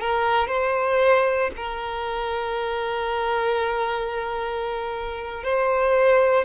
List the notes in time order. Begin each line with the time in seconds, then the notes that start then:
0.00 A#4
0.47 C5
1.56 A#4
5.43 C5